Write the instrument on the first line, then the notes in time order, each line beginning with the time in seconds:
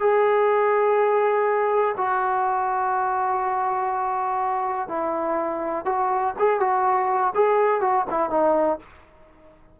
trombone
0.00 G#4
1.97 F#4
4.88 E4
5.85 F#4
6.39 G#4
6.60 F#4
7.35 G#4
7.81 F#4
8.10 E4
8.30 D#4